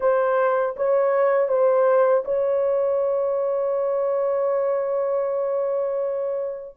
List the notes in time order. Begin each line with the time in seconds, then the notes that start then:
0.00 C5
0.76 C#5
1.48 C5
2.24 C#5